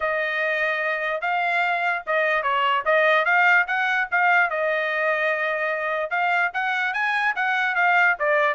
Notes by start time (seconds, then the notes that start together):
0.00 D#5
1.21 F5
2.06 D#5
2.42 C#5
2.85 D#5
3.25 F5
3.67 F#5
4.11 F5
4.50 D#5
6.10 F5
6.53 F#5
6.93 G#5
7.35 F#5
7.75 F5
8.19 D5